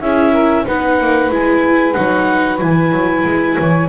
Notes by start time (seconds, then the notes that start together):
0.00 C#4 E4 G#4 E5
0.31 A#4
0.65 B3 D#4 B4 F#5
1.00 A#3
1.30 G#3 E4 G#5
1.93 F#3 D#4 F#5
2.59 E3 E4 G#5
2.91 F#3
3.24 G#3
3.57 E3 C#5